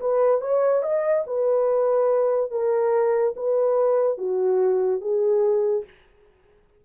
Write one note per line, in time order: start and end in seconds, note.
0.00 0.41 B4
0.41 0.82 C#5
0.82 1.24 D#5
1.26 2.50 B4
2.50 3.34 A#4
3.36 4.17 B4
4.17 5.00 F#4
5.00 5.84 G#4